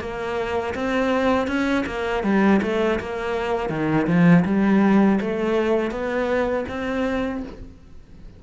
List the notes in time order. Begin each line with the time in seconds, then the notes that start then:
0.00 A#3
0.74 C4
1.47 C#4
1.86 A#3
2.23 G3
2.62 A3
2.99 A#3
3.69 D#3
4.07 F3
4.45 G3
5.20 A3
5.91 B3
6.68 C4